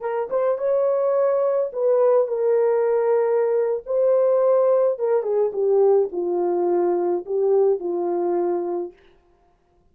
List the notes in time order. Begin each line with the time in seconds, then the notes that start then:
0.00 A#4
0.29 C5
0.58 C#5
1.72 B4
2.27 A#4
3.86 C5
4.98 A#4
5.23 G#4
5.52 G4
6.12 F4
7.25 G4
7.79 F4